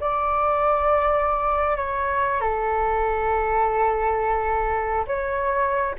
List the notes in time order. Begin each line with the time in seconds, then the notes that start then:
0.00 D5
1.76 C#5
2.41 A4
5.07 C#5